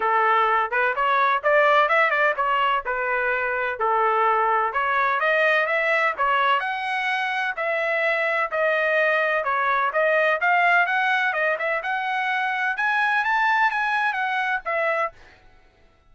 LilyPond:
\new Staff \with { instrumentName = "trumpet" } { \time 4/4 \tempo 4 = 127 a'4. b'8 cis''4 d''4 | e''8 d''8 cis''4 b'2 | a'2 cis''4 dis''4 | e''4 cis''4 fis''2 |
e''2 dis''2 | cis''4 dis''4 f''4 fis''4 | dis''8 e''8 fis''2 gis''4 | a''4 gis''4 fis''4 e''4 | }